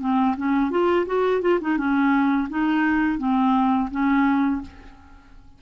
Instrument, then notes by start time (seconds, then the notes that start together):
clarinet
0.00 C4
0.37 C#4
0.71 F4
1.06 F#4
1.41 F4
1.61 D#4
1.77 C#4
2.49 D#4
3.18 C4
3.91 C#4